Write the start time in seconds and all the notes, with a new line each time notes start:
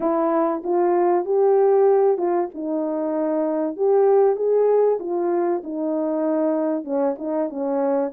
0.00 E4
0.63 F4
1.25 G4
2.17 F4
2.54 D#4
3.76 G4
4.36 G#4
4.99 F4
5.63 D#4
6.84 C#4
7.18 D#4
7.49 C#4